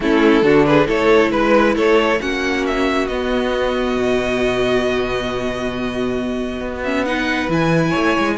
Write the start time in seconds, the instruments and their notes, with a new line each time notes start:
0.00 cello A3, viola C#4, violin E4 A4
0.42 cello D3, viola D4, violin F#4
0.65 violin G#4 B4
0.86 cello A3, viola E4, violin A4 C#5
1.31 cello G#3, violin B4
1.75 cello A3, violin A4 C#5
2.20 cello A#3, viola C#4, violin F#4 F#5
2.66 violin E5
3.07 cello B3, viola B3, violin D#5
3.96 cello B2
6.59 cello B3
6.83 viola C#4, violin E5
7.05 viola D#4, violin B4 F#5
7.48 cello E3, viola E4, violin G#5
7.89 cello A3, violin C#5
8.18 cello G#3